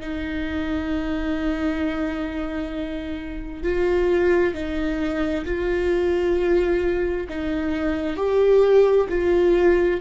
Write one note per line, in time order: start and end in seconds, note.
0.00 3.63 D#4
3.63 4.54 F4
4.54 5.45 D#4
5.45 7.27 F4
7.29 8.16 D#4
8.16 9.07 G4
9.09 10.00 F4